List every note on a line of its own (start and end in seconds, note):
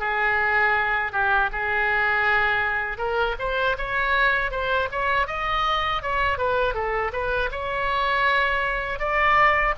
0.00 1.12 G#4
1.12 1.50 G4
1.52 2.98 G#4
2.98 3.35 A#4
3.39 3.77 C5
3.78 4.51 C#5
4.51 4.89 C5
4.92 5.27 C#5
5.27 6.02 D#5
6.02 6.38 C#5
6.38 6.74 B4
6.74 7.12 A4
7.13 7.50 B4
7.52 8.99 C#5
8.99 9.74 D5